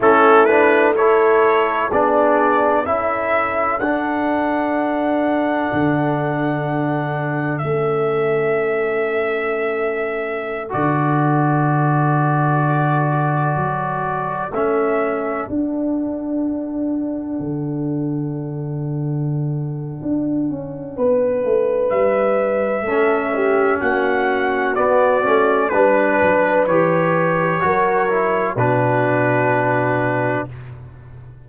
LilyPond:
<<
  \new Staff \with { instrumentName = "trumpet" } { \time 4/4 \tempo 4 = 63 a'8 b'8 cis''4 d''4 e''4 | fis''1 | e''2.~ e''16 d''8.~ | d''2.~ d''16 e''8.~ |
e''16 fis''2.~ fis''8.~ | fis''2. e''4~ | e''4 fis''4 d''4 b'4 | cis''2 b'2 | }
  \new Staff \with { instrumentName = "horn" } { \time 4/4 e'4 a'4 gis'4 a'4~ | a'1~ | a'1~ | a'1~ |
a'1~ | a'2 b'2 | a'8 g'8 fis'2 b'4~ | b'4 ais'4 fis'2 | }
  \new Staff \with { instrumentName = "trombone" } { \time 4/4 cis'8 d'8 e'4 d'4 e'4 | d'1 | cis'2.~ cis'16 fis'8.~ | fis'2.~ fis'16 cis'8.~ |
cis'16 d'2.~ d'8.~ | d'1 | cis'2 b8 cis'8 d'4 | g'4 fis'8 e'8 d'2 | }
  \new Staff \with { instrumentName = "tuba" } { \time 4/4 a2 b4 cis'4 | d'2 d2 | a2.~ a16 d8.~ | d2~ d16 fis4 a8.~ |
a16 d'2 d4.~ d16~ | d4 d'8 cis'8 b8 a8 g4 | a4 ais4 b8 a8 g8 fis8 | e4 fis4 b,2 | }
>>